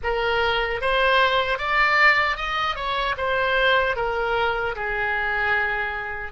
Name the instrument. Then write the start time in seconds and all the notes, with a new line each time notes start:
oboe
0.03 A#4
0.81 C5
1.58 D5
2.36 D#5
2.75 C#5
3.17 C5
3.96 A#4
4.75 G#4